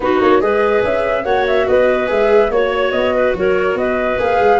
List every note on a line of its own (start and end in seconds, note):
0.00 0.19 B3
0.00 0.40 D#4
0.00 0.42 F#4
0.00 0.20 B4
0.20 0.41 A#3
0.20 0.41 C#5
0.40 0.83 G#3
0.40 1.24 G#4
0.40 1.24 B4
0.40 0.83 D#5
0.83 1.24 C#4
0.83 1.24 E5
1.24 1.66 A#3
1.24 2.07 F#4
1.24 1.66 C#5
1.24 1.45 F#5
1.46 1.67 E5
1.67 2.09 B3
1.67 2.52 B4
1.67 2.09 D#5
2.07 2.49 G#3
2.07 2.49 G#4
2.07 2.51 E5
2.49 2.91 A#3
2.49 4.18 F#4
2.49 2.91 C#5
2.49 3.15 C#5
2.91 3.33 B3
2.91 3.33 D#5
3.15 3.36 B4
3.34 3.74 F#3
3.34 3.79 A#4
3.34 3.77 C#5
3.74 4.16 B3
3.74 4.59 B4
3.74 4.19 D#5
4.18 4.39 A#3
4.18 4.59 G#4
4.18 4.59 F5
4.39 4.59 G#3